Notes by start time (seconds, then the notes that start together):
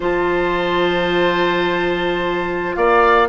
0.00 F3 F4 C5 A5
2.75 A#3 D5 F5